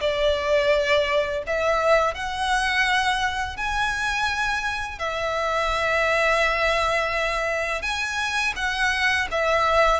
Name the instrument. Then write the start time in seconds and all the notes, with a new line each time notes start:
violin
0.00 D5
1.46 E5
2.14 F#5
3.56 G#5
4.98 E5
7.81 G#5
8.56 F#5
9.31 E5